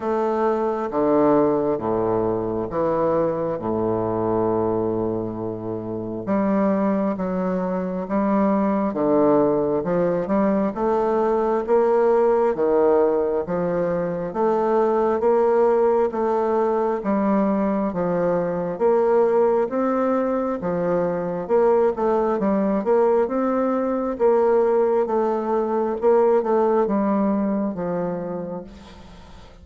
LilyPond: \new Staff \with { instrumentName = "bassoon" } { \time 4/4 \tempo 4 = 67 a4 d4 a,4 e4 | a,2. g4 | fis4 g4 d4 f8 g8 | a4 ais4 dis4 f4 |
a4 ais4 a4 g4 | f4 ais4 c'4 f4 | ais8 a8 g8 ais8 c'4 ais4 | a4 ais8 a8 g4 f4 | }